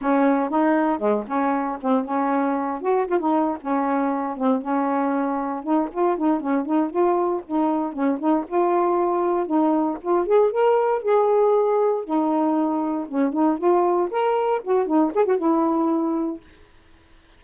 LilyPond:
\new Staff \with { instrumentName = "saxophone" } { \time 4/4 \tempo 4 = 117 cis'4 dis'4 gis8 cis'4 c'8 | cis'4. fis'8 f'16 dis'8. cis'4~ | cis'8 c'8 cis'2 dis'8 f'8 | dis'8 cis'8 dis'8 f'4 dis'4 cis'8 |
dis'8 f'2 dis'4 f'8 | gis'8 ais'4 gis'2 dis'8~ | dis'4. cis'8 dis'8 f'4 ais'8~ | ais'8 fis'8 dis'8 gis'16 fis'16 e'2 | }